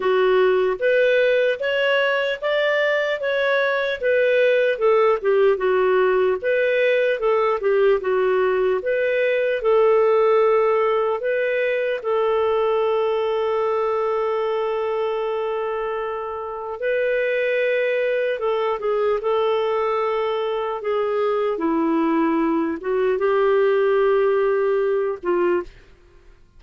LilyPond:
\new Staff \with { instrumentName = "clarinet" } { \time 4/4 \tempo 4 = 75 fis'4 b'4 cis''4 d''4 | cis''4 b'4 a'8 g'8 fis'4 | b'4 a'8 g'8 fis'4 b'4 | a'2 b'4 a'4~ |
a'1~ | a'4 b'2 a'8 gis'8 | a'2 gis'4 e'4~ | e'8 fis'8 g'2~ g'8 f'8 | }